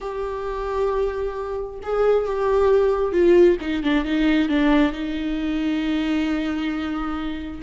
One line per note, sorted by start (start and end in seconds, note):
0.01 1.80 G4
1.82 2.26 G#4
2.26 3.12 G4
3.12 3.57 F4
3.60 3.83 D#4
3.83 4.04 D4
4.04 4.48 D#4
4.48 4.92 D4
4.92 7.61 D#4